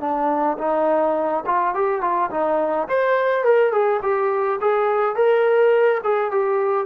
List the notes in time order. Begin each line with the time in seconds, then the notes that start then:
0.00 D4
0.58 D#4
1.46 F4
1.74 G4
2.01 F4
2.31 D#4
2.88 C5
3.44 A#4
3.72 G#4
4.02 G4
4.61 G#4
5.16 A#4
6.04 G#4
6.31 G4